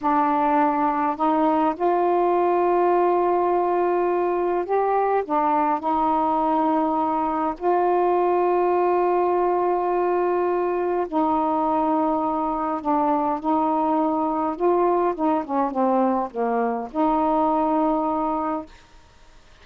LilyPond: \new Staff \with { instrumentName = "saxophone" } { \time 4/4 \tempo 4 = 103 d'2 dis'4 f'4~ | f'1 | g'4 d'4 dis'2~ | dis'4 f'2.~ |
f'2. dis'4~ | dis'2 d'4 dis'4~ | dis'4 f'4 dis'8 cis'8 c'4 | ais4 dis'2. | }